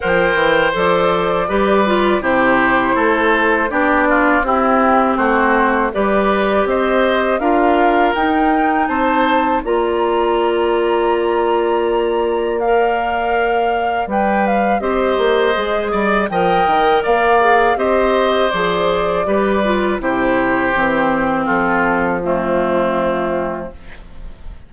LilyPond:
<<
  \new Staff \with { instrumentName = "flute" } { \time 4/4 \tempo 4 = 81 g''4 d''2 c''4~ | c''4 d''4 g'4 c''4 | d''4 dis''4 f''4 g''4 | a''4 ais''2.~ |
ais''4 f''2 g''8 f''8 | dis''2 g''4 f''4 | dis''4 d''2 c''4~ | c''4 a'4 f'2 | }
  \new Staff \with { instrumentName = "oboe" } { \time 4/4 c''2 b'4 g'4 | a'4 g'8 f'8 e'4 fis'4 | b'4 c''4 ais'2 | c''4 d''2.~ |
d''1 | c''4. d''8 dis''4 d''4 | c''2 b'4 g'4~ | g'4 f'4 c'2 | }
  \new Staff \with { instrumentName = "clarinet" } { \time 4/4 ais'4 a'4 g'8 f'8 e'4~ | e'4 d'4 c'2 | g'2 f'4 dis'4~ | dis'4 f'2.~ |
f'4 ais'2 b'4 | g'4 gis'4 ais'4. gis'8 | g'4 gis'4 g'8 f'8 e'4 | c'2 a2 | }
  \new Staff \with { instrumentName = "bassoon" } { \time 4/4 f8 e8 f4 g4 c4 | a4 b4 c'4 a4 | g4 c'4 d'4 dis'4 | c'4 ais2.~ |
ais2. g4 | c'8 ais8 gis8 g8 f8 dis8 ais4 | c'4 f4 g4 c4 | e4 f2. | }
>>